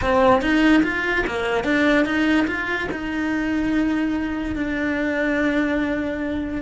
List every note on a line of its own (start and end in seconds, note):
0.01 0.41 C4
0.41 0.83 D#4
0.83 1.24 F4
1.26 1.63 A#3
1.63 2.05 D4
2.05 2.46 D#4
2.47 2.88 F4
2.91 4.55 D#4
4.55 6.61 D4